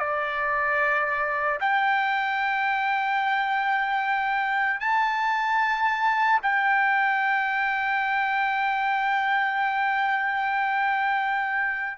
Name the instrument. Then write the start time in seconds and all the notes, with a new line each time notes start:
trumpet
0.00 D5
1.61 G5
4.81 A5
6.43 G5